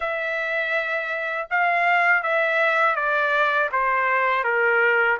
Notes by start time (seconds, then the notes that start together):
0.00 E5
1.50 F5
2.22 E5
2.95 D5
3.71 C5
4.43 A#4